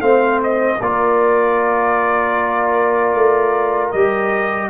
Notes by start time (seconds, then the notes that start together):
0.00 A3 C4 C5 F5
0.43 D#5
0.80 A#3 F4 A#4 D5
3.14 A3
3.91 G3 G4 D#5